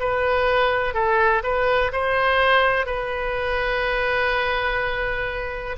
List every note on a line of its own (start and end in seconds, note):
0.00 0.95 B4
0.95 1.43 A4
1.44 1.92 B4
1.93 2.86 C5
2.86 5.77 B4